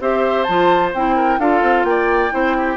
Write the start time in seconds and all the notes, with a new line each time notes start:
0.00 C4 G4 C5 E5
0.43 F3 F4 A5
0.94 C4 E4 G5
1.16 A#4
1.38 D4 F4 A4 F5
1.62 C4
1.84 A#3 D5 G5
2.30 C4 E4 C5
2.57 G4